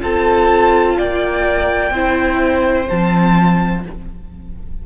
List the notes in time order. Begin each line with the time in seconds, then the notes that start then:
0.00 C4 F4 A4 A5
0.98 A#3 D5 G5
1.91 C4 E4 C5
2.88 F3 C4 A5